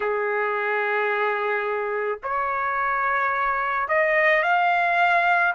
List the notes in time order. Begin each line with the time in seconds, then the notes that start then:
0.00 G#4
2.23 C#5
3.88 D#5
4.42 F5